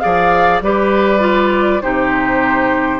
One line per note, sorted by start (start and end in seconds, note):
0.00 0.61 F3
0.00 0.60 G#4
0.00 0.62 D5
0.00 0.60 F5
0.61 1.81 G3
0.61 1.20 G4
0.61 1.82 B4
0.61 1.81 D5
1.20 1.80 F4
1.81 3.00 C3
1.81 3.00 D#4
1.81 3.00 G4
1.81 3.00 C5